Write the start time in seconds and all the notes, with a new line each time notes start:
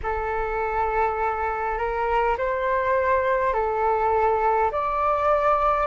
0.03 A4
1.78 A#4
2.37 C5
3.53 A4
4.71 D5